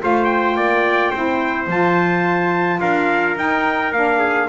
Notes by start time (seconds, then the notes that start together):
0.00 A3 F4 C5 F5
0.24 G5
0.55 A#3 D5
1.11 C4 E4 C5
1.67 F3 F4 A5
2.80 D4 A#4 F5
3.35 D#4 G5
3.92 A#3 D4 F5
4.18 G#4